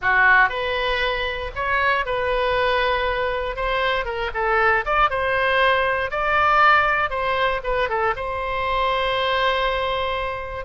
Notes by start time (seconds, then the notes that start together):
0.01 F#4
0.49 B4
1.55 C#5
2.05 B4
3.56 C5
4.05 A#4
4.33 A4
4.85 D5
5.10 C5
6.10 D5
7.10 C5
7.63 B4
7.89 A4
8.16 C5